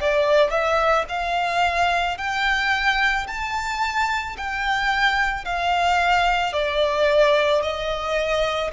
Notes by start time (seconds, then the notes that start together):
0.00 D5
0.50 E5
1.09 F5
2.17 G5
3.27 A5
4.37 G5
5.44 F5
6.53 D5
7.62 D#5